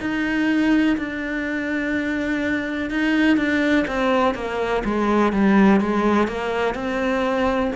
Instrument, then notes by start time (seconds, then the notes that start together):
cello
0.00 D#4
0.97 D4
2.90 D#4
3.37 D4
3.87 C4
4.34 A#3
4.84 G#3
5.32 G3
5.80 G#3
6.28 A#3
6.74 C4